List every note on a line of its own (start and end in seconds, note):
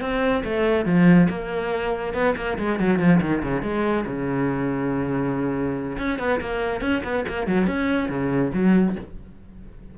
0.00 0.43 C4
0.44 0.85 A3
0.85 1.28 F3
1.29 2.14 A#3
2.14 2.35 B3
2.36 2.57 A#3
2.58 2.79 G#3
2.79 2.99 F#3
2.99 3.20 F3
3.21 3.42 D#3
3.42 3.62 C#3
3.62 4.04 G#3
4.06 5.97 C#3
5.98 6.19 C#4
6.19 6.40 B3
6.40 6.81 A#3
6.81 7.02 C#4
7.03 7.25 B3
7.28 7.47 A#3
7.47 7.67 F#3
7.67 8.09 C#4
8.09 8.51 C#3
8.53 8.96 F#3